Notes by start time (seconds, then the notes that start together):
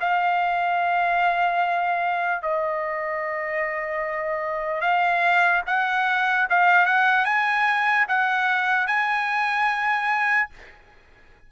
0.00 F5
2.42 D#5
4.81 F5
5.66 F#5
6.50 F5
6.86 F#5
7.25 G#5
8.08 F#5
8.87 G#5